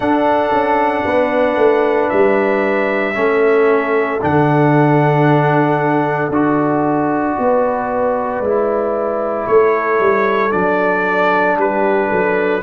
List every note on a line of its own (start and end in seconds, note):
0.00 0.51 D4
0.00 3.14 D4
0.00 1.04 A4
0.00 2.09 F#5
0.51 1.04 C#4
1.05 1.56 B3
1.05 3.16 B4
1.56 2.09 A3
2.09 3.15 G3
2.09 4.20 E5
3.14 4.20 A3
3.14 4.19 C#4
3.14 7.37 A4
4.21 6.29 D3
4.21 6.31 D4
4.21 6.31 F#5
6.29 7.35 D4
6.29 8.43 F#4
6.29 9.46 D5
7.38 8.39 B3
7.38 9.48 B4
8.39 9.45 G#3
8.39 10.50 E4
9.46 9.99 A3
9.46 11.57 A4
9.46 10.51 C#5
9.99 10.52 G3
10.50 11.58 F#3
10.50 12.61 D4
10.50 11.57 D5
11.57 12.10 G3
11.57 12.09 G4
11.57 12.62 B4
12.09 12.62 F#3
12.09 12.61 A4